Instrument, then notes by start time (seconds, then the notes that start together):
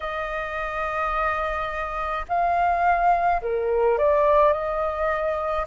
flute
0.00 D#5
2.28 F5
3.42 A#4
3.97 D5
4.52 D#5